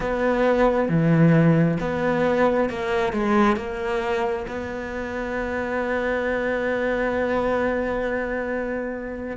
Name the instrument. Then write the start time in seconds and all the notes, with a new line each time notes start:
cello
0.00 B3
0.88 E3
1.80 B3
2.69 A#3
3.13 G#3
3.56 A#3
4.47 B3